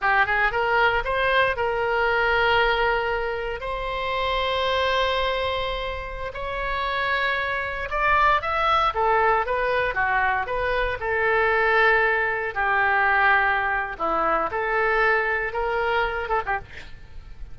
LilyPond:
\new Staff \with { instrumentName = "oboe" } { \time 4/4 \tempo 4 = 116 g'8 gis'8 ais'4 c''4 ais'4~ | ais'2. c''4~ | c''1~ | c''16 cis''2. d''8.~ |
d''16 e''4 a'4 b'4 fis'8.~ | fis'16 b'4 a'2~ a'8.~ | a'16 g'2~ g'8. e'4 | a'2 ais'4. a'16 g'16 | }